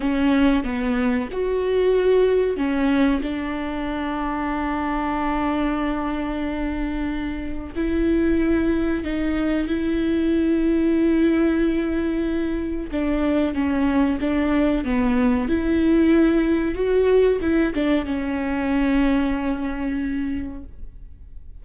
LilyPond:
\new Staff \with { instrumentName = "viola" } { \time 4/4 \tempo 4 = 93 cis'4 b4 fis'2 | cis'4 d'2.~ | d'1 | e'2 dis'4 e'4~ |
e'1 | d'4 cis'4 d'4 b4 | e'2 fis'4 e'8 d'8 | cis'1 | }